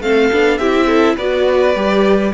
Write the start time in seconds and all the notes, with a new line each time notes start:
0.00 A3 C4 A4 F5
0.32 B3 D4
0.57 C4 E4 G4 E5
0.86 A4
1.16 B3 F#4 B4 D5
1.74 G3 G4